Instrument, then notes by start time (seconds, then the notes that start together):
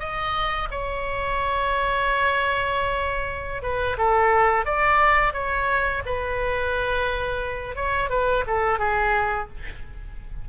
oboe
0.00 D#5
0.71 C#5
3.63 B4
3.98 A4
4.66 D5
5.34 C#5
6.06 B4
7.76 C#5
8.10 B4
8.47 A4
8.79 G#4